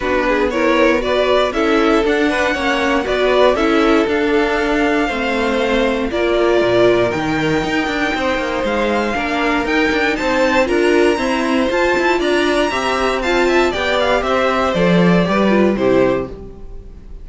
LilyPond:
<<
  \new Staff \with { instrumentName = "violin" } { \time 4/4 \tempo 4 = 118 b'4 cis''4 d''4 e''4 | fis''2 d''4 e''4 | f''1 | d''2 g''2~ |
g''4 f''2 g''4 | a''4 ais''2 a''4 | ais''2 a''4 g''8 f''8 | e''4 d''2 c''4 | }
  \new Staff \with { instrumentName = "violin" } { \time 4/4 fis'8 gis'8 ais'4 b'4 a'4~ | a'8 b'8 cis''4 b'4 a'4~ | a'2 c''2 | ais'1 |
c''2 ais'2 | c''4 ais'4 c''2 | d''4 e''4 f''8 e''8 d''4 | c''2 b'4 g'4 | }
  \new Staff \with { instrumentName = "viola" } { \time 4/4 d'4 e'4 fis'4 e'4 | d'4 cis'4 fis'4 e'4 | d'2 c'2 | f'2 dis'2~ |
dis'2 d'4 dis'4~ | dis'4 f'4 c'4 f'4~ | f'4 g'4 f'4 g'4~ | g'4 a'4 g'8 f'8 e'4 | }
  \new Staff \with { instrumentName = "cello" } { \time 4/4 b2. cis'4 | d'4 ais4 b4 cis'4 | d'2 a2 | ais4 ais,4 dis4 dis'8 d'8 |
c'8 ais8 gis4 ais4 dis'8 d'8 | c'4 d'4 e'4 f'8 e'8 | d'4 c'2 b4 | c'4 f4 g4 c4 | }
>>